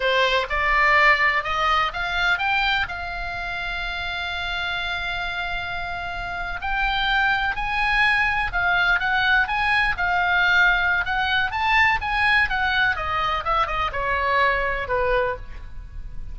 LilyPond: \new Staff \with { instrumentName = "oboe" } { \time 4/4 \tempo 4 = 125 c''4 d''2 dis''4 | f''4 g''4 f''2~ | f''1~ | f''4.~ f''16 g''2 gis''16~ |
gis''4.~ gis''16 f''4 fis''4 gis''16~ | gis''8. f''2~ f''16 fis''4 | a''4 gis''4 fis''4 dis''4 | e''8 dis''8 cis''2 b'4 | }